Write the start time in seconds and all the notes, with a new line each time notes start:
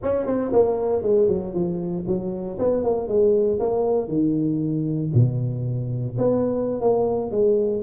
0.02 C#4
0.26 C4
0.52 A#3
1.02 G#3
1.28 F#3
1.53 F3
2.07 F#3
2.59 B3
2.83 A#3
3.08 G#3
3.59 A#3
4.08 D#3
5.14 B2
6.17 B3
6.80 A#3
7.31 G#3